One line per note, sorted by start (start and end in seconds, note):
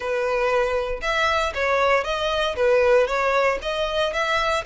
0.00 1.00 B4
1.01 1.52 E5
1.54 2.04 C#5
2.04 2.55 D#5
2.55 3.07 B4
3.07 3.58 C#5
3.62 4.13 D#5
4.13 4.64 E5